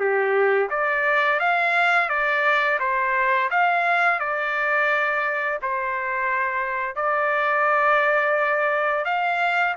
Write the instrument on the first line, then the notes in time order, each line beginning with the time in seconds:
trumpet
0.00 G4
0.71 D5
1.40 F5
2.10 D5
2.80 C5
3.51 F5
4.20 D5
5.62 C5
6.96 D5
9.05 F5